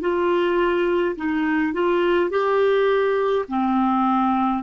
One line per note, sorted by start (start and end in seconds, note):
0.00 1.15 F4
1.16 1.73 D#4
1.73 2.30 F4
2.30 3.45 G4
3.48 4.63 C4